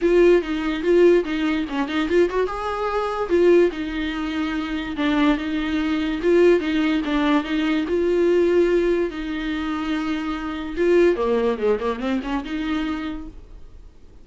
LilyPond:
\new Staff \with { instrumentName = "viola" } { \time 4/4 \tempo 4 = 145 f'4 dis'4 f'4 dis'4 | cis'8 dis'8 f'8 fis'8 gis'2 | f'4 dis'2. | d'4 dis'2 f'4 |
dis'4 d'4 dis'4 f'4~ | f'2 dis'2~ | dis'2 f'4 ais4 | gis8 ais8 c'8 cis'8 dis'2 | }